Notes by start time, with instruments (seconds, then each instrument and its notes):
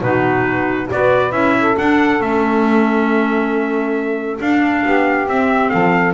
0.00 double bass B2, clarinet D#4, saxophone F#4, trumpet B4
0.89 double bass B3, clarinet F#4, saxophone B4, trumpet D5
1.31 double bass C#4, clarinet E4, trumpet E5
1.57 saxophone A4
1.77 clarinet D4, double bass D4, trumpet F#5
2.20 double bass A3, clarinet C#4, trumpet E5
4.40 double bass D4, clarinet D4, trumpet F5
4.84 double bass B3, saxophone G4
5.27 double bass C4, clarinet C4, trumpet E5
5.69 double bass F3, saxophone A4, trumpet F5